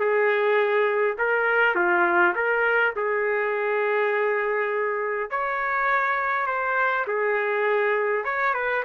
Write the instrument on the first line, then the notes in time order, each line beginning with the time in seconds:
trumpet
0.00 G#4
1.19 A#4
1.75 F4
2.36 A#4
2.96 G#4
5.31 C#5
6.47 C5
7.08 G#4
8.25 C#5
8.55 B4